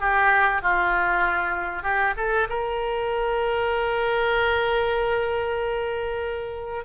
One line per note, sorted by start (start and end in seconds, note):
0.00 0.62 G4
0.62 1.83 F4
1.83 2.14 G4
2.16 2.48 A4
2.49 6.85 A#4